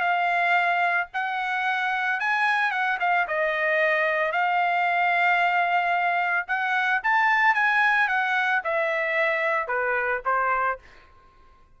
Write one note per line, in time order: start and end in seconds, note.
0.00 1.07 F5
1.13 2.20 F#5
2.20 2.71 G#5
2.71 2.98 F#5
3.00 3.26 F5
3.27 4.32 D#5
4.32 6.46 F5
6.47 7.01 F#5
7.03 7.54 A5
7.54 8.07 G#5
8.07 8.61 F#5
8.63 9.67 E5
9.67 10.21 B4
10.25 10.78 C5